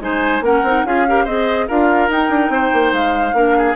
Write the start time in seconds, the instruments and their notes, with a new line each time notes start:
0.00 bassoon G#3, clarinet D#4, oboe C5, flute G#5
0.41 bassoon A#3, clarinet C#4, oboe A#4, flute F#5
0.63 bassoon C4, clarinet D#4
0.85 bassoon C#4, clarinet F4, oboe G#4, flute F5
1.08 clarinet G4, oboe A#4
1.24 bassoon C4, clarinet G#4, oboe C5, flute D#5
1.68 bassoon D4, clarinet F4, oboe A#4, flute F5
2.09 bassoon D#4, clarinet D#4, flute G5
2.30 bassoon D4
2.49 bassoon C4, oboe C5
2.74 bassoon A#3
2.93 bassoon G#3, flute F5
3.33 bassoon A#3, clarinet D4, oboe A#4
3.58 oboe G#4